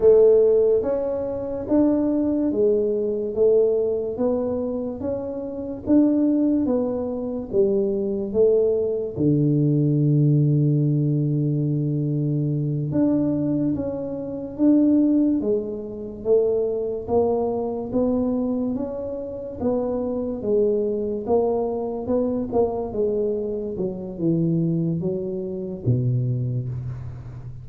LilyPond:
\new Staff \with { instrumentName = "tuba" } { \time 4/4 \tempo 4 = 72 a4 cis'4 d'4 gis4 | a4 b4 cis'4 d'4 | b4 g4 a4 d4~ | d2.~ d8 d'8~ |
d'8 cis'4 d'4 gis4 a8~ | a8 ais4 b4 cis'4 b8~ | b8 gis4 ais4 b8 ais8 gis8~ | gis8 fis8 e4 fis4 b,4 | }